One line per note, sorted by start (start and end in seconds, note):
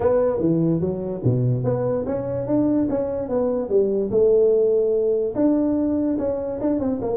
0.00 0.39 B3
0.39 0.80 E3
0.80 1.21 F#3
1.23 1.63 B2
1.63 2.05 B3
2.06 2.46 C#4
2.46 2.87 D4
2.89 3.28 C#4
3.28 3.69 B3
3.69 4.10 G3
4.10 5.34 A3
5.35 6.17 D4
6.18 6.59 C#4
6.60 6.79 D4
6.79 7.00 C4
7.01 7.17 A#3